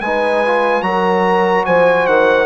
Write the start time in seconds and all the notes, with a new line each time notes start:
0.00 G#3 D#4 B4 G#5
0.46 F4
0.82 F#3 F#4 A#4 A#5
1.65 F3 C5 G#5
2.07 D#3 F#5